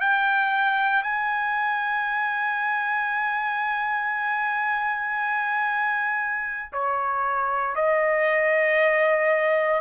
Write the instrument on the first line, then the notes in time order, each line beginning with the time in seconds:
trumpet
0.00 G5
1.03 G#5
6.72 C#5
7.75 D#5